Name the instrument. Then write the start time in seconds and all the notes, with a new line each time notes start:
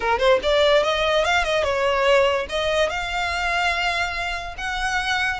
violin
0.00 A#4
0.18 C5
0.42 D5
0.83 D#5
1.24 F5
1.44 D#5
1.63 C#5
2.49 D#5
2.89 F5
4.57 F#5